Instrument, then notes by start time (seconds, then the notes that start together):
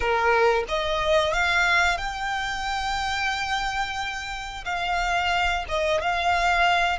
violin
0.00 A#4
0.68 D#5
1.33 F5
1.97 G5
4.65 F5
5.68 D#5
6.01 F5